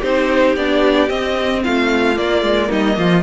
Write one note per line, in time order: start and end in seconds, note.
0.00 0.56 C4
0.00 0.57 D#4
0.00 1.61 G4
0.00 0.56 C5
0.56 1.09 B3
0.56 1.08 D4
0.56 1.09 D5
1.08 2.15 C4
1.08 1.63 C4
1.08 1.62 D#5
1.64 2.18 A3
1.64 2.69 F4
1.64 2.17 F5
2.15 3.22 A#3
2.15 2.42 A#3
2.15 2.71 D5
2.42 2.69 G#3
2.69 2.98 G3
2.69 2.96 D#4
2.69 3.23 D#5
2.97 3.23 F3
2.97 3.23 F4